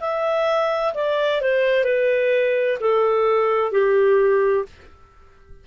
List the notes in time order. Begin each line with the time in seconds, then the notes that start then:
0.00 E5
0.95 D5
1.41 C5
1.85 B4
2.80 A4
3.72 G4